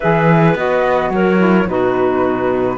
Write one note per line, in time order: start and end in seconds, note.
0.00 0.54 E3
0.00 0.56 G#4
0.00 1.10 B4
0.00 0.53 E5
0.54 1.10 B3
0.54 1.37 F#4
0.54 1.12 D#5
1.10 1.65 F#3
1.10 1.69 A#4
1.10 1.68 C#5
1.37 1.65 E4
1.66 2.77 B2
1.66 2.77 D#4
1.66 2.78 F#4
1.66 2.78 B4